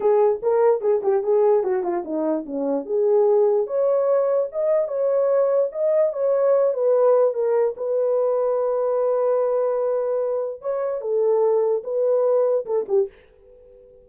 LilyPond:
\new Staff \with { instrumentName = "horn" } { \time 4/4 \tempo 4 = 147 gis'4 ais'4 gis'8 g'8 gis'4 | fis'8 f'8 dis'4 cis'4 gis'4~ | gis'4 cis''2 dis''4 | cis''2 dis''4 cis''4~ |
cis''8 b'4. ais'4 b'4~ | b'1~ | b'2 cis''4 a'4~ | a'4 b'2 a'8 g'8 | }